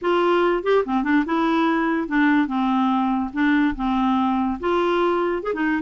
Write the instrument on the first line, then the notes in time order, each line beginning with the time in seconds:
clarinet
0.01 F4
0.63 G4
0.85 C4
1.03 D4
1.25 E4
2.07 D4
2.47 C4
3.33 D4
3.75 C4
4.59 F4
5.43 G#4
5.53 D#4